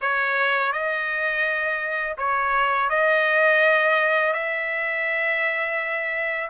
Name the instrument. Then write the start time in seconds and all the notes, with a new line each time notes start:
trumpet
0.01 C#5
0.72 D#5
2.17 C#5
2.89 D#5
4.33 E5